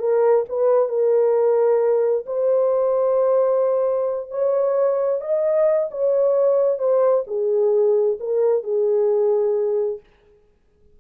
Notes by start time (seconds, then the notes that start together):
0.00 A#4
0.49 B4
0.89 A#4
2.27 C5
4.31 C#5
5.21 D#5
5.91 C#5
6.79 C5
7.27 G#4
8.20 A#4
8.64 G#4